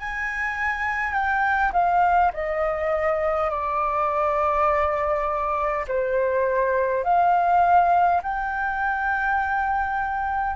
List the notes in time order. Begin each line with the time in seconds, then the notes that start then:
0.00 G#5
1.13 G5
1.73 F5
2.34 D#5
3.50 D5
5.88 C5
7.04 F5
8.23 G5